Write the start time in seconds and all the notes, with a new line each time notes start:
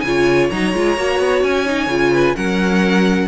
0.00 C#3 F4 C#5 G#5
0.50 F#3 D#4 A#5
0.73 G#3 F4
0.96 A#3 F#4
1.19 B3
1.42 C#4 G#5
1.66 D#4
1.86 C#3 F4
2.12 B4
2.36 F#3 C#4 A#4 F#5